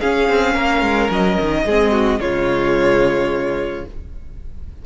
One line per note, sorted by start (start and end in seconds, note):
0.00 1.66 C#4
0.00 0.29 C#4
0.00 0.54 G#4
0.00 1.10 F5
0.29 0.55 C4
0.54 0.82 A#3
0.54 1.64 A#4
0.82 1.09 G#3
1.10 1.37 F#3
1.10 2.20 D#5
1.40 1.65 D#3
1.65 2.20 G#3
1.65 2.20 C4
1.65 1.92 G#4
1.92 2.19 F#4
2.20 3.85 C#3
2.20 3.85 G#3
2.20 3.85 F4
2.20 3.85 C#5